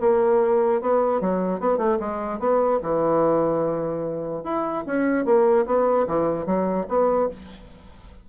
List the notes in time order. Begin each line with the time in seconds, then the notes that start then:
0.00 A#3
0.81 B3
1.21 F#3
1.60 B3
1.77 A3
1.99 G#3
2.39 B3
2.82 E3
4.43 E4
4.86 C#4
5.25 A#3
5.66 B3
6.07 E3
6.46 F#3
6.88 B3